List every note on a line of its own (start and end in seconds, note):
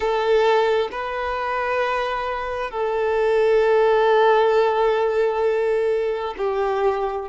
0.00 0.88 A4
0.91 2.70 B4
2.70 6.34 A4
6.37 7.28 G4